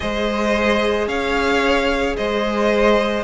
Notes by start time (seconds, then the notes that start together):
0.00 G#3 G#4 C5 D#5
1.07 C#4 C#5 F5
2.16 G#3 C5 D#5